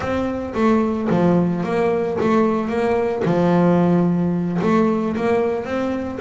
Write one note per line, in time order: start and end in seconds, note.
0.00 0.53 C4
0.54 1.08 A3
1.09 1.63 F3
1.63 2.17 A#3
2.20 2.68 A3
2.68 3.22 A#3
3.24 4.59 F3
4.62 5.16 A3
5.16 5.64 A#3
5.64 6.18 C4